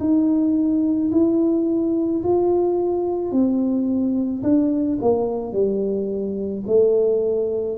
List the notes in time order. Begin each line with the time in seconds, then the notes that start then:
0.00 D#4
1.12 E4
2.23 F4
3.32 C4
4.43 D4
5.02 A#3
5.53 G3
6.67 A3